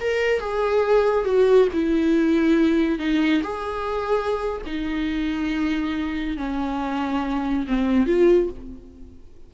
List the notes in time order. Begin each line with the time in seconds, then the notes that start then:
0.00 A#4
0.39 G#4
1.25 F#4
1.73 E4
2.99 D#4
3.43 G#4
4.66 D#4
6.37 C#4
7.67 C4
8.06 F4